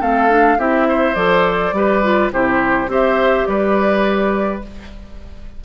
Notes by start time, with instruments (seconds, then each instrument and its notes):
0.00 bassoon A3, clarinet C4, oboe A4, flute F5
0.29 clarinet D4
0.57 bassoon C4, clarinet E4, oboe G4, flute E5
0.88 oboe C5
1.14 bassoon F3, clarinet A4, flute D5
1.72 bassoon G3, clarinet G4, oboe B4
2.03 clarinet F4
2.32 bassoon C3, clarinet E4, oboe G4, flute C5
2.87 bassoon C4, clarinet G4, oboe C5, flute E5
3.46 bassoon G3, oboe B4, flute D5